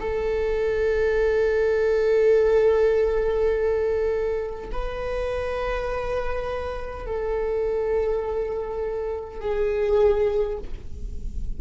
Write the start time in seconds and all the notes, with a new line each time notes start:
0.00 A4
4.72 B4
7.06 A4
9.41 G#4